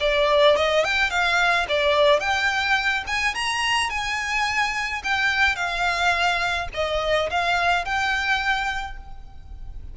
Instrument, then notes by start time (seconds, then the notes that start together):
violin
0.00 D5
0.56 D#5
0.84 G5
1.10 F5
1.68 D5
2.20 G5
3.07 G#5
3.35 A#5
3.90 G#5
5.03 G5
5.56 F5
6.74 D#5
7.30 F5
7.85 G5